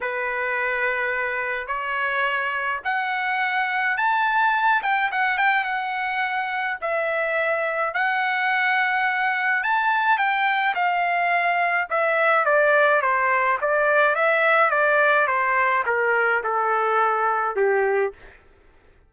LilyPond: \new Staff \with { instrumentName = "trumpet" } { \time 4/4 \tempo 4 = 106 b'2. cis''4~ | cis''4 fis''2 a''4~ | a''8 g''8 fis''8 g''8 fis''2 | e''2 fis''2~ |
fis''4 a''4 g''4 f''4~ | f''4 e''4 d''4 c''4 | d''4 e''4 d''4 c''4 | ais'4 a'2 g'4 | }